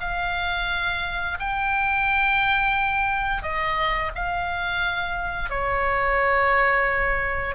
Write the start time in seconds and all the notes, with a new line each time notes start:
0.00 F5
1.39 G5
3.42 D#5
4.15 F5
5.50 C#5